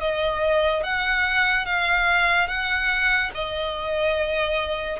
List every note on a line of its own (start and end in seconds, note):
0.00 0.83 D#5
0.83 1.65 F#5
1.65 2.47 F5
2.47 3.30 F#5
3.34 5.00 D#5